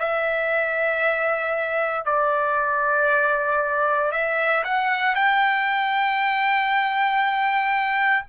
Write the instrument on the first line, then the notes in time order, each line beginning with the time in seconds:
trumpet
0.00 E5
2.05 D5
4.12 E5
4.64 F#5
5.16 G5